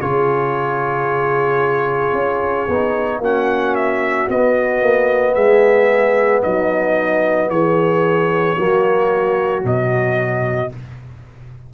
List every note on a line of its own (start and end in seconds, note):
0.00 2.12 C#3
0.00 2.69 F4
0.00 3.21 G#4
0.00 3.22 C#5
2.12 2.66 C#4
2.68 3.19 B3
2.68 3.23 D#4
3.19 4.26 A#3
3.19 4.30 C#4
3.19 5.34 F#4
3.19 3.75 F#5
3.75 4.29 E5
4.28 4.82 B3
4.28 8.57 B3
4.28 5.35 D#5
4.82 5.35 A#3
5.34 6.43 G#3
5.34 6.42 G#4
5.34 6.42 E5
6.43 7.49 F#3
6.43 7.50 D#4
6.43 7.50 D#5
7.49 8.56 E3
7.49 8.58 G#4
7.49 9.64 C#5
8.57 9.64 F#3
8.57 9.62 A#3
8.57 10.72 F#4
9.62 10.71 B2
9.62 10.69 F#3
9.62 10.73 D#5